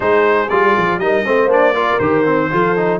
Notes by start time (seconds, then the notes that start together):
0.00 G#3 D#4 G#4 C5
0.49 G3 F4 D5
0.77 F3
0.98 G3 D#4 A#4 D#5
1.25 A3 C4 C5
1.46 A#3 D4
1.52 D5
1.73 F4 A#4
1.99 D#3 G4 C5
2.25 C4
2.51 F3 F4 A4
2.76 D#4